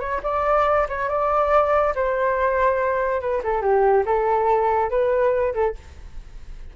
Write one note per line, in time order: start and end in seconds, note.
0.00 0.21 C#5
0.23 0.87 D5
0.89 1.09 C#5
1.09 1.94 D5
1.95 3.21 C5
3.21 3.42 B4
3.44 3.62 A4
3.62 4.04 G4
4.05 4.90 A4
4.90 5.54 B4
5.54 5.75 A4